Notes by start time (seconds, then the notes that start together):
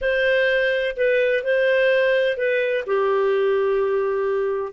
0.01 C5
0.96 B4
1.43 C5
2.37 B4
2.86 G4